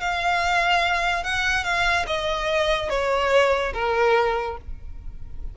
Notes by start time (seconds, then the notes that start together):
0.00 F5
1.23 F#5
1.64 F5
2.06 D#5
2.89 C#5
3.73 A#4